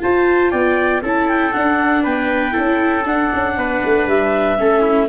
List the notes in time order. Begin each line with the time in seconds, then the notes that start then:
0.00 F4 C5 A5
0.51 B3 D5 G5
1.02 C#4 E4 A4 A5
1.29 G5
1.53 D4 F#5
2.03 B3 B4 G5
2.51 C#4 E4 A4
3.06 D4 F#5
3.33 C#4
3.57 B3 B4
3.85 A3
4.07 G3 E5
4.58 A3 C#4 A4
4.82 E4